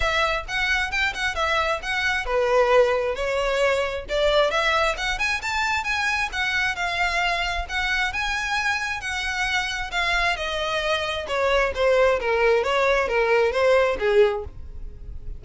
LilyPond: \new Staff \with { instrumentName = "violin" } { \time 4/4 \tempo 4 = 133 e''4 fis''4 g''8 fis''8 e''4 | fis''4 b'2 cis''4~ | cis''4 d''4 e''4 fis''8 gis''8 | a''4 gis''4 fis''4 f''4~ |
f''4 fis''4 gis''2 | fis''2 f''4 dis''4~ | dis''4 cis''4 c''4 ais'4 | cis''4 ais'4 c''4 gis'4 | }